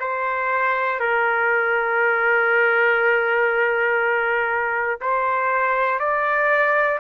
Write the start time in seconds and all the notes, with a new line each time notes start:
0.00 C5
1.00 A#4
5.01 C5
6.00 D5